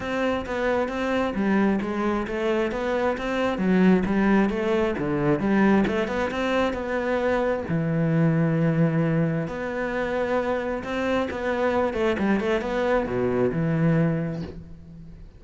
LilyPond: \new Staff \with { instrumentName = "cello" } { \time 4/4 \tempo 4 = 133 c'4 b4 c'4 g4 | gis4 a4 b4 c'4 | fis4 g4 a4 d4 | g4 a8 b8 c'4 b4~ |
b4 e2.~ | e4 b2. | c'4 b4. a8 g8 a8 | b4 b,4 e2 | }